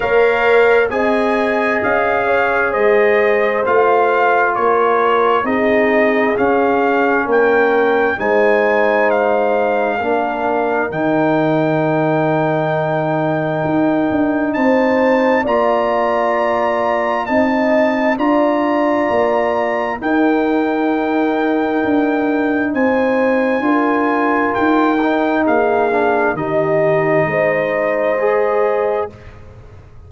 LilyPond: <<
  \new Staff \with { instrumentName = "trumpet" } { \time 4/4 \tempo 4 = 66 f''4 gis''4 f''4 dis''4 | f''4 cis''4 dis''4 f''4 | g''4 gis''4 f''2 | g''1 |
a''4 ais''2 a''4 | ais''2 g''2~ | g''4 gis''2 g''4 | f''4 dis''2. | }
  \new Staff \with { instrumentName = "horn" } { \time 4/4 cis''4 dis''4. cis''8 c''4~ | c''4 ais'4 gis'2 | ais'4 c''2 ais'4~ | ais'1 |
c''4 d''2 dis''4 | d''2 ais'2~ | ais'4 c''4 ais'2 | gis'4 g'4 c''2 | }
  \new Staff \with { instrumentName = "trombone" } { \time 4/4 ais'4 gis'2. | f'2 dis'4 cis'4~ | cis'4 dis'2 d'4 | dis'1~ |
dis'4 f'2 dis'4 | f'2 dis'2~ | dis'2 f'4. dis'8~ | dis'8 d'8 dis'2 gis'4 | }
  \new Staff \with { instrumentName = "tuba" } { \time 4/4 ais4 c'4 cis'4 gis4 | a4 ais4 c'4 cis'4 | ais4 gis2 ais4 | dis2. dis'8 d'8 |
c'4 ais2 c'4 | d'4 ais4 dis'2 | d'4 c'4 d'4 dis'4 | ais4 dis4 gis2 | }
>>